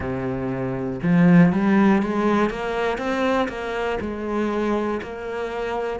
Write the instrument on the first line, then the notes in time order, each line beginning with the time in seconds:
cello
0.00 C3
1.02 F3
1.52 G3
2.02 G#3
2.50 A#3
2.98 C4
3.48 A#3
4.00 G#3
5.02 A#3